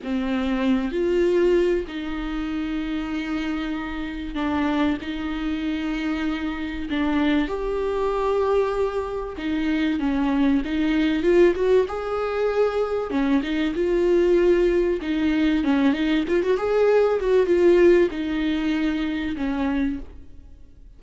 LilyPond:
\new Staff \with { instrumentName = "viola" } { \time 4/4 \tempo 4 = 96 c'4. f'4. dis'4~ | dis'2. d'4 | dis'2. d'4 | g'2. dis'4 |
cis'4 dis'4 f'8 fis'8 gis'4~ | gis'4 cis'8 dis'8 f'2 | dis'4 cis'8 dis'8 f'16 fis'16 gis'4 fis'8 | f'4 dis'2 cis'4 | }